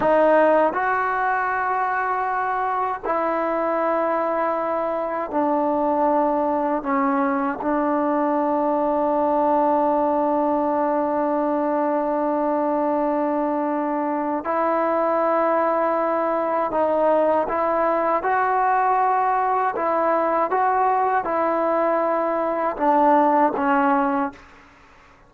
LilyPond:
\new Staff \with { instrumentName = "trombone" } { \time 4/4 \tempo 4 = 79 dis'4 fis'2. | e'2. d'4~ | d'4 cis'4 d'2~ | d'1~ |
d'2. e'4~ | e'2 dis'4 e'4 | fis'2 e'4 fis'4 | e'2 d'4 cis'4 | }